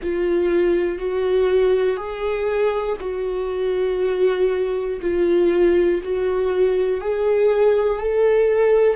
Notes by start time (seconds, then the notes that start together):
0.02 F4
0.98 F#4
1.96 G#4
3.00 F#4
5.00 F4
6.03 F#4
7.00 G#4
8.00 A4